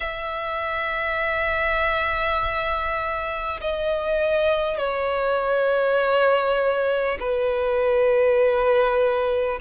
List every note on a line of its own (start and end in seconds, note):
0.00 3.60 E5
3.61 4.78 D#5
4.78 7.18 C#5
7.19 9.59 B4